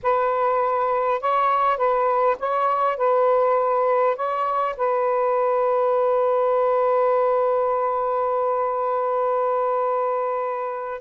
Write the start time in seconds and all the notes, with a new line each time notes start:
0.02 B4
1.20 C#5
1.77 B4
2.39 C#5
2.97 B4
4.16 C#5
4.77 B4